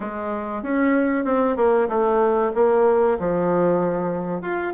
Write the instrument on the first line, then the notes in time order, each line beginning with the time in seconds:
bassoon
0.00 G#3
0.62 C#4
1.24 C4
1.56 A#3
1.88 A3
2.54 A#3
3.19 F3
4.41 F4